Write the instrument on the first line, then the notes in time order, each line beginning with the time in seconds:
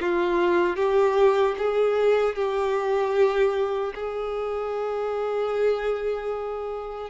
violin
0.00 F4
0.76 G4
1.58 G#4
2.35 G4
3.94 G#4